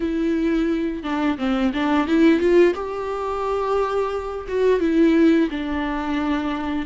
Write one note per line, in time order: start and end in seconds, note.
0.00 1.03 E4
1.03 1.37 D4
1.38 1.72 C4
1.73 2.07 D4
2.07 2.39 E4
2.39 2.74 F4
2.74 4.46 G4
4.48 4.80 F#4
4.80 5.49 E4
5.50 6.86 D4